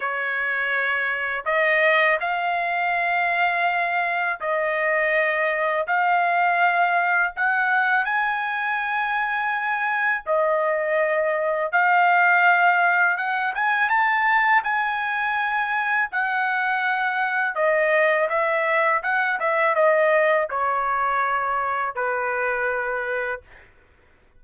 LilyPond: \new Staff \with { instrumentName = "trumpet" } { \time 4/4 \tempo 4 = 82 cis''2 dis''4 f''4~ | f''2 dis''2 | f''2 fis''4 gis''4~ | gis''2 dis''2 |
f''2 fis''8 gis''8 a''4 | gis''2 fis''2 | dis''4 e''4 fis''8 e''8 dis''4 | cis''2 b'2 | }